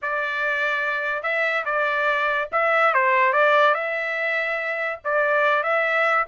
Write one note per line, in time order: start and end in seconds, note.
0.02 1.22 D5
1.22 1.64 E5
1.65 2.48 D5
2.52 2.93 E5
2.93 3.32 C5
3.32 3.74 D5
3.74 4.99 E5
5.04 5.63 D5
5.63 6.25 E5